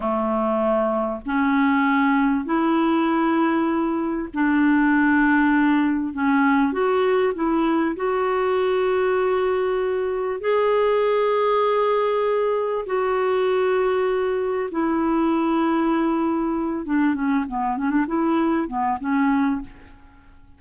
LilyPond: \new Staff \with { instrumentName = "clarinet" } { \time 4/4 \tempo 4 = 98 a2 cis'2 | e'2. d'4~ | d'2 cis'4 fis'4 | e'4 fis'2.~ |
fis'4 gis'2.~ | gis'4 fis'2. | e'2.~ e'8 d'8 | cis'8 b8 cis'16 d'16 e'4 b8 cis'4 | }